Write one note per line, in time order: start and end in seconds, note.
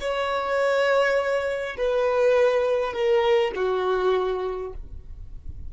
0.00 1.76 C#5
1.77 2.93 B4
2.93 3.52 A#4
3.56 4.73 F#4